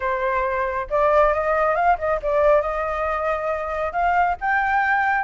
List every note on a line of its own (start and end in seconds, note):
0.00 0.87 C5
0.89 1.33 D5
1.33 1.75 D#5
1.75 1.97 F5
1.98 2.20 D#5
2.22 2.61 D5
2.61 3.92 D#5
3.92 4.36 F5
4.40 5.23 G5